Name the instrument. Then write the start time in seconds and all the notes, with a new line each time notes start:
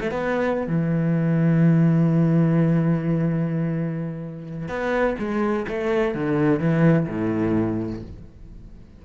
cello
0.00 A3
0.11 B3
0.67 E3
4.68 B3
5.18 G#3
5.68 A3
6.14 D3
6.59 E3
7.07 A2